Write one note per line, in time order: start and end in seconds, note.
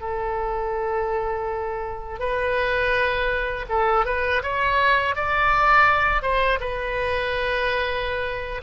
0.00 2.19 A4
2.19 3.66 B4
3.69 4.05 A4
4.05 4.42 B4
4.42 5.15 C#5
5.15 6.22 D5
6.22 6.59 C5
6.60 8.61 B4